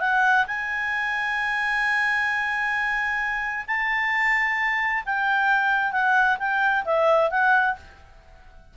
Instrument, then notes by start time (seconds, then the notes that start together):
clarinet
0.00 F#5
0.47 G#5
3.67 A5
5.05 G5
5.92 F#5
6.39 G5
6.85 E5
7.30 F#5